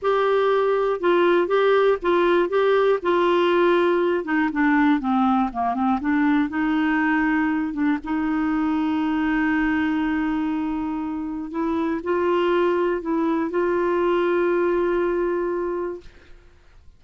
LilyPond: \new Staff \with { instrumentName = "clarinet" } { \time 4/4 \tempo 4 = 120 g'2 f'4 g'4 | f'4 g'4 f'2~ | f'8 dis'8 d'4 c'4 ais8 c'8 | d'4 dis'2~ dis'8 d'8 |
dis'1~ | dis'2. e'4 | f'2 e'4 f'4~ | f'1 | }